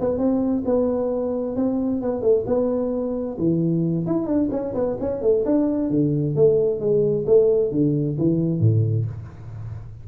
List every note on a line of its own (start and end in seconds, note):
0.00 0.18 B3
0.18 0.63 C4
0.65 1.56 B3
1.56 2.01 C4
2.02 2.21 B3
2.21 2.44 A3
2.46 3.37 B3
3.38 4.06 E3
4.06 4.26 E4
4.26 4.49 D4
4.51 4.74 C#4
4.74 4.97 B3
5.00 5.22 C#4
5.22 5.44 A3
5.45 5.90 D4
5.90 6.35 D3
6.35 6.80 A3
6.80 7.25 G#3
7.26 7.71 A3
7.71 8.17 D3
8.18 8.60 E3
8.60 9.05 A2